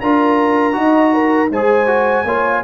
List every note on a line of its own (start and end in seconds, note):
0.00 0.76 D4
0.00 0.73 F4
0.00 0.77 A#4
0.00 1.50 A#5
0.73 1.50 D#4
0.73 1.48 F#4
0.73 1.13 D#5
1.13 1.50 A#4
1.50 2.25 G#3
1.50 1.86 G#4
1.50 2.25 C5
1.50 2.63 G#5
1.86 2.24 F#4
2.25 2.62 A#3
2.25 2.63 F4
2.25 2.62 C#5